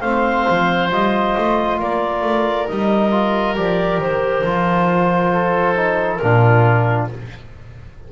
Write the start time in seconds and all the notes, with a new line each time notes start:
0.00 A3 C4 C5 F5
0.49 F3
0.91 G3 F4 D#5
1.38 A3
1.79 A#3 A#4 D5
2.21 A3
2.67 G3 D#4 D#5
3.11 F4
3.56 F3 G4 D5
3.98 D#3 C5
4.44 F3 F4
5.33 A4
5.76 D#4
6.16 A#4
6.22 A#2 D4 F4